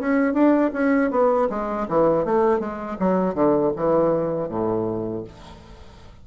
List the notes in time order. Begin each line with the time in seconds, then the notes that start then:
0.00 C#4
0.34 D4
0.73 C#4
1.11 B3
1.50 G#3
1.89 E3
2.25 A3
2.60 G#3
3.00 F#3
3.35 D3
3.76 E3
4.49 A2